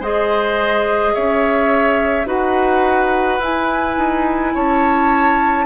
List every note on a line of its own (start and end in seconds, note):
0.00 1.13 G#3
0.00 2.26 G#4
0.00 1.13 C5
0.00 1.14 D#5
1.14 2.26 C#4
1.14 2.27 C#5
1.14 2.27 E5
2.26 3.39 D#4
2.26 3.39 F#4
2.26 4.53 B4
2.26 3.42 F#5
3.39 3.96 E4
3.39 5.65 E4
3.39 4.55 G#5
3.97 4.54 D#4
4.54 5.65 C#4
4.54 5.65 C#5
4.54 5.65 A5